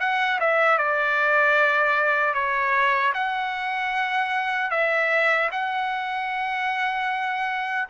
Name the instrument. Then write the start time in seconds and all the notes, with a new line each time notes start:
trumpet
0.00 F#5
0.40 E5
0.78 D5
2.34 C#5
3.14 F#5
4.71 E5
5.52 F#5